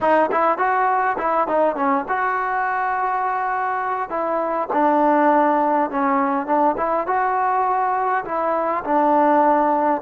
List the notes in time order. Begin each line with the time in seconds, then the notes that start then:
0.00 D#4
0.31 E4
0.58 F#4
1.18 E4
1.47 D#4
1.75 C#4
2.08 F#4
4.09 E4
4.72 D4
5.90 C#4
6.46 D4
6.77 E4
7.06 F#4
8.25 E4
8.84 D4